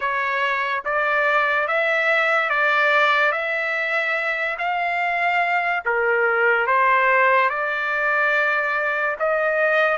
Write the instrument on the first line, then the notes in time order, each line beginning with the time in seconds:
trumpet
0.00 C#5
0.84 D5
1.67 E5
2.49 D5
3.32 E5
4.58 F5
5.85 A#4
6.66 C5
7.49 D5
9.19 D#5